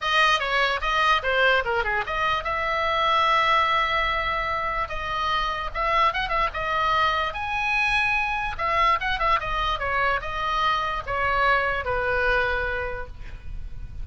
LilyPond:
\new Staff \with { instrumentName = "oboe" } { \time 4/4 \tempo 4 = 147 dis''4 cis''4 dis''4 c''4 | ais'8 gis'8 dis''4 e''2~ | e''1 | dis''2 e''4 fis''8 e''8 |
dis''2 gis''2~ | gis''4 e''4 fis''8 e''8 dis''4 | cis''4 dis''2 cis''4~ | cis''4 b'2. | }